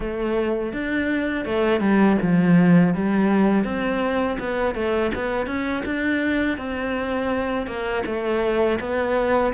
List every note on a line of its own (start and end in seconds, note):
0.00 0.72 A3
0.73 1.45 D4
1.45 1.80 A3
1.80 2.17 G3
2.22 2.94 F3
2.94 3.64 G3
3.64 4.37 C4
4.39 4.74 B3
4.74 5.11 A3
5.14 5.46 B3
5.46 5.83 C#4
5.85 6.57 D4
6.57 7.66 C4
7.66 8.03 A#3
8.06 8.79 A3
8.80 9.53 B3